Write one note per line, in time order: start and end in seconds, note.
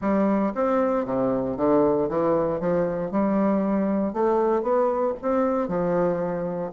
0.01 0.53 G3
0.54 1.05 C4
1.05 1.57 C3
1.57 2.08 D3
2.09 2.60 E3
2.60 3.11 F3
3.11 4.13 G3
4.13 4.62 A3
4.62 5.14 B3
5.21 5.68 C4
5.68 6.71 F3